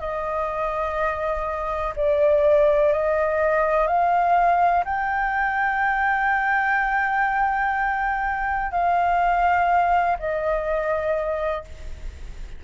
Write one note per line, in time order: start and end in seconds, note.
0.00 1.94 D#5
1.96 2.93 D5
2.93 3.88 D#5
3.88 4.84 F5
4.85 8.72 G5
8.72 10.17 F5
10.19 11.64 D#5